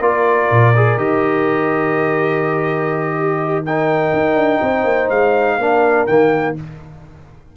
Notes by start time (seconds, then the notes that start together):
0.00 A#3 F4 A#4 D5
0.51 A#2
0.76 G#4
0.97 D#3 G4 D#5
3.19 G4
3.64 D#4 A#4 G5
4.13 D#4
4.35 D4
4.62 C4 C5
4.84 A#3
5.10 G#3 F5
5.57 A#3 D4 A#4
6.06 D#3 A#3 G5